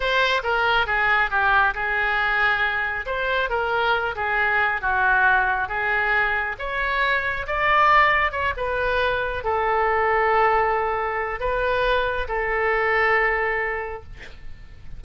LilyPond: \new Staff \with { instrumentName = "oboe" } { \time 4/4 \tempo 4 = 137 c''4 ais'4 gis'4 g'4 | gis'2. c''4 | ais'4. gis'4. fis'4~ | fis'4 gis'2 cis''4~ |
cis''4 d''2 cis''8 b'8~ | b'4. a'2~ a'8~ | a'2 b'2 | a'1 | }